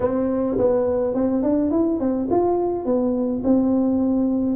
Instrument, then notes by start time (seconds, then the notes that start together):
tuba
0.00 C4
0.57 B3
1.14 C4
1.43 D4
1.71 E4
1.99 C4
2.30 F4
2.85 B3
3.43 C4